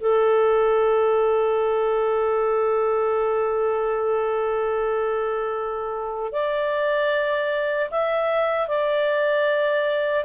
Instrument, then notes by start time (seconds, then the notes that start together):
clarinet
0.00 A4
6.32 D5
7.90 E5
8.68 D5